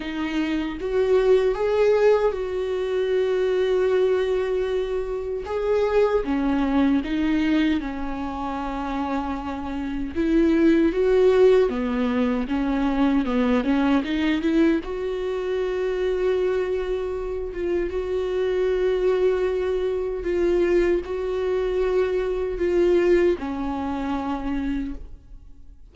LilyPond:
\new Staff \with { instrumentName = "viola" } { \time 4/4 \tempo 4 = 77 dis'4 fis'4 gis'4 fis'4~ | fis'2. gis'4 | cis'4 dis'4 cis'2~ | cis'4 e'4 fis'4 b4 |
cis'4 b8 cis'8 dis'8 e'8 fis'4~ | fis'2~ fis'8 f'8 fis'4~ | fis'2 f'4 fis'4~ | fis'4 f'4 cis'2 | }